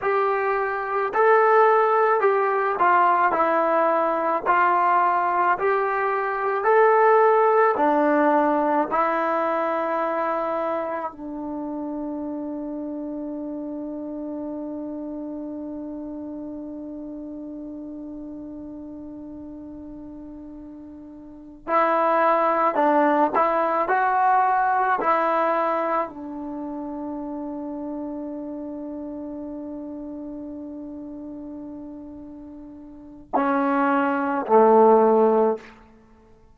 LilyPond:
\new Staff \with { instrumentName = "trombone" } { \time 4/4 \tempo 4 = 54 g'4 a'4 g'8 f'8 e'4 | f'4 g'4 a'4 d'4 | e'2 d'2~ | d'1~ |
d'2.~ d'8 e'8~ | e'8 d'8 e'8 fis'4 e'4 d'8~ | d'1~ | d'2 cis'4 a4 | }